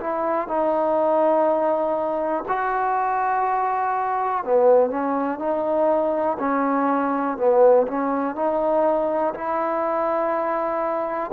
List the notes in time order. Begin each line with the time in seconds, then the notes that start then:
0.00 E4
0.48 D#4
2.48 F#4
4.44 B3
4.90 C#4
5.39 D#4
6.39 C#4
7.37 B3
7.87 C#4
8.36 D#4
9.34 E4